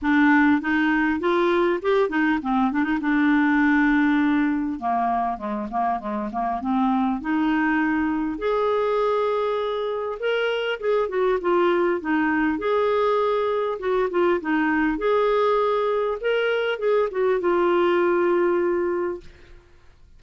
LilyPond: \new Staff \with { instrumentName = "clarinet" } { \time 4/4 \tempo 4 = 100 d'4 dis'4 f'4 g'8 dis'8 | c'8 d'16 dis'16 d'2. | ais4 gis8 ais8 gis8 ais8 c'4 | dis'2 gis'2~ |
gis'4 ais'4 gis'8 fis'8 f'4 | dis'4 gis'2 fis'8 f'8 | dis'4 gis'2 ais'4 | gis'8 fis'8 f'2. | }